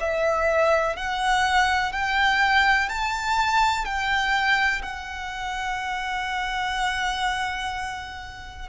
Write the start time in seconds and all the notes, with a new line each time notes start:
0.00 E5
0.96 F#5
1.92 G5
2.89 A5
3.84 G5
4.82 F#5